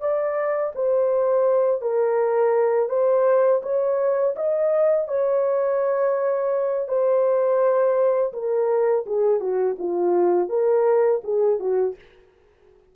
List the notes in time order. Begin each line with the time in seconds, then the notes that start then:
0.00 D5
0.75 C5
1.81 A#4
2.89 C5
3.62 C#5
4.35 D#5
5.08 C#5
6.88 C5
8.33 A#4
9.06 G#4
9.40 F#4
9.78 F4
10.49 A#4
11.23 G#4
11.59 F#4